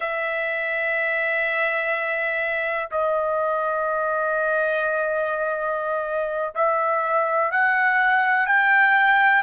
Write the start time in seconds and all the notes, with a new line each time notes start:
0.00 E5
2.91 D#5
6.54 E5
7.51 F#5
8.46 G5